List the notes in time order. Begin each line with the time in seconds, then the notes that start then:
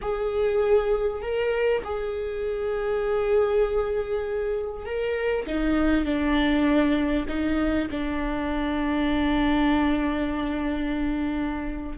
0.01 G#4
1.21 A#4
1.83 G#4
4.85 A#4
5.46 D#4
6.04 D4
7.28 D#4
7.90 D4